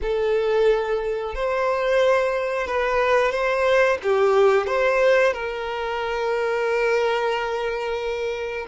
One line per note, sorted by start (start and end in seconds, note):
0.02 1.34 A4
1.34 2.67 C5
2.67 3.31 B4
3.31 3.98 C5
4.02 4.66 G4
4.66 5.33 C5
5.33 8.66 A#4